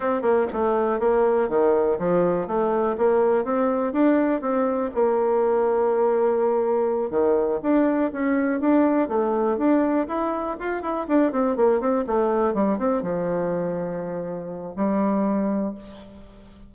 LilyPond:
\new Staff \with { instrumentName = "bassoon" } { \time 4/4 \tempo 4 = 122 c'8 ais8 a4 ais4 dis4 | f4 a4 ais4 c'4 | d'4 c'4 ais2~ | ais2~ ais8 dis4 d'8~ |
d'8 cis'4 d'4 a4 d'8~ | d'8 e'4 f'8 e'8 d'8 c'8 ais8 | c'8 a4 g8 c'8 f4.~ | f2 g2 | }